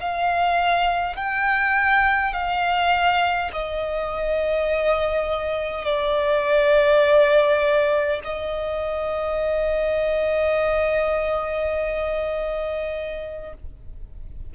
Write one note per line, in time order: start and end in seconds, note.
0.00 1.16 F5
1.16 2.33 G5
2.33 3.51 F5
3.53 5.85 D#5
5.85 8.20 D5
8.24 13.53 D#5